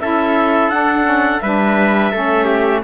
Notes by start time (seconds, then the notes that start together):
0.00 C#4 E4 A4 E5
0.70 D4 F#5
1.04 C#4
1.41 G3 D4 B4 E5
2.12 A3 C#4 A4
2.45 G4